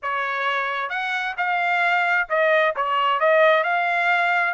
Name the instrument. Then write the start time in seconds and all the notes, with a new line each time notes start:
trumpet
0.02 C#5
0.89 F#5
1.37 F5
2.29 D#5
2.76 C#5
3.20 D#5
3.63 F5